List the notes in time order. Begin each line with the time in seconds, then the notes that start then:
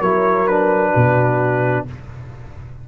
0.00 F#3 E4 A#4 C#5
0.47 D4 B4
0.93 B2 F#4